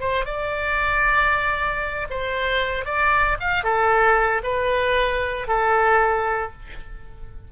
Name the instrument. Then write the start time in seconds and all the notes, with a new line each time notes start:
oboe
0.00 C5
0.25 D5
2.10 C5
2.85 D5
3.40 F5
3.64 A4
4.43 B4
5.48 A4